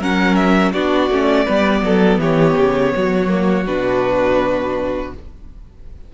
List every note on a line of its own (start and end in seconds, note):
0.00 0.73 F#3
0.00 0.75 C#4
0.00 0.73 A#4
0.00 0.36 F#5
0.36 0.72 E5
0.73 1.10 B3
0.73 1.11 D4
0.73 1.45 F#4
0.73 2.20 D5
1.10 1.47 A3
1.10 1.48 C#4
1.45 1.83 G3
1.45 3.29 B3
1.45 1.82 B4
1.83 2.19 F#3
1.83 2.21 A4
2.19 2.55 E3
2.19 2.94 G4
2.19 3.67 C#5
2.57 2.94 C#3
2.95 3.68 F#3
2.95 5.15 F#4
3.29 3.65 A#3
3.67 5.14 B2
3.67 5.14 D4
3.67 5.13 B4